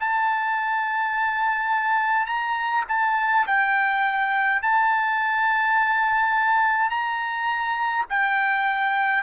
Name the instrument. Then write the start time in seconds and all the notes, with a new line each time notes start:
trumpet
0.00 A5
2.27 A#5
2.88 A5
3.47 G5
4.62 A5
6.90 A#5
8.09 G5